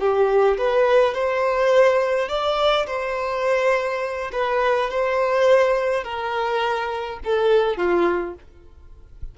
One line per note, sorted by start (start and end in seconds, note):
0.00 0.58 G4
0.58 1.15 B4
1.15 2.29 C5
2.29 2.87 D5
2.87 4.31 C5
4.33 4.90 B4
4.90 6.04 C5
6.04 7.20 A#4
7.25 7.78 A4
7.78 8.35 F4